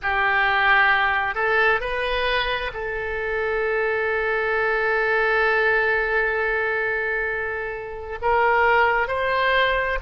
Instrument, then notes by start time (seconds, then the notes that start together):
oboe
0.02 G4
1.34 A4
1.80 B4
2.73 A4
8.21 A#4
9.07 C5